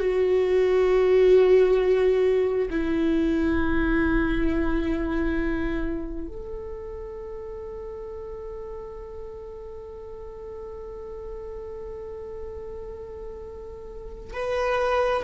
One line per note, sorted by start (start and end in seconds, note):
0.00 2.69 F#4
2.70 6.28 E4
6.28 14.33 A4
14.33 15.23 B4